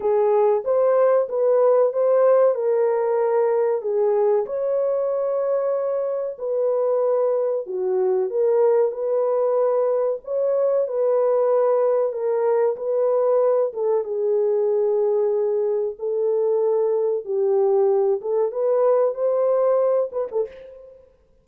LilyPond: \new Staff \with { instrumentName = "horn" } { \time 4/4 \tempo 4 = 94 gis'4 c''4 b'4 c''4 | ais'2 gis'4 cis''4~ | cis''2 b'2 | fis'4 ais'4 b'2 |
cis''4 b'2 ais'4 | b'4. a'8 gis'2~ | gis'4 a'2 g'4~ | g'8 a'8 b'4 c''4. b'16 a'16 | }